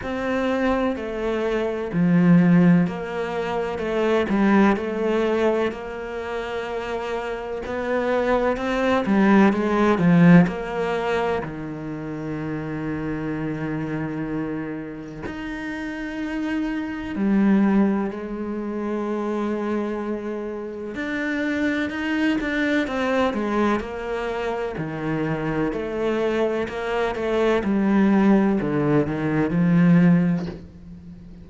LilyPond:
\new Staff \with { instrumentName = "cello" } { \time 4/4 \tempo 4 = 63 c'4 a4 f4 ais4 | a8 g8 a4 ais2 | b4 c'8 g8 gis8 f8 ais4 | dis1 |
dis'2 g4 gis4~ | gis2 d'4 dis'8 d'8 | c'8 gis8 ais4 dis4 a4 | ais8 a8 g4 d8 dis8 f4 | }